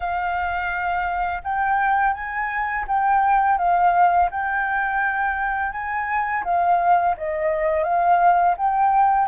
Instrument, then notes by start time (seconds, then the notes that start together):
flute
0.00 F5
1.43 G5
2.13 G#5
2.87 G5
3.58 F5
4.31 G5
5.72 G#5
6.44 F5
7.17 D#5
7.83 F5
8.57 G5